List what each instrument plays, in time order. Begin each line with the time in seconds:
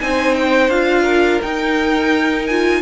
0.00 cello C4, viola D#4, violin C5 G#5
0.35 violin G5
0.69 cello D4, viola F4, violin F5
1.02 violin A#4
1.42 viola D#4, cello D#4, violin G5
2.47 viola F4, violin G#5